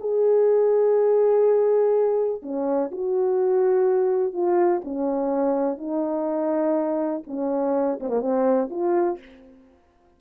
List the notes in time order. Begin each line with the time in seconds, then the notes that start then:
0.00 G#4
2.43 C#4
2.92 F#4
4.33 F4
4.85 C#4
5.78 D#4
7.27 C#4
8.00 C4
8.09 A#3
8.21 C4
8.71 F4